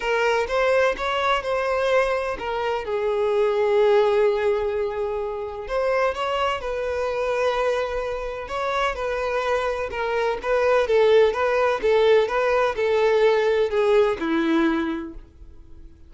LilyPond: \new Staff \with { instrumentName = "violin" } { \time 4/4 \tempo 4 = 127 ais'4 c''4 cis''4 c''4~ | c''4 ais'4 gis'2~ | gis'1 | c''4 cis''4 b'2~ |
b'2 cis''4 b'4~ | b'4 ais'4 b'4 a'4 | b'4 a'4 b'4 a'4~ | a'4 gis'4 e'2 | }